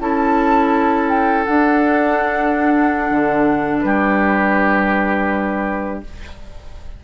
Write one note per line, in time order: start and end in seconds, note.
0.00 1.46 C#4
0.00 1.46 E4
0.00 3.85 A4
0.00 1.09 A5
1.09 1.45 G5
1.45 6.04 D4
1.45 3.11 D4
1.45 3.81 F#5
3.11 3.84 D3
3.81 6.04 G3
3.81 6.04 G4
3.81 6.00 B4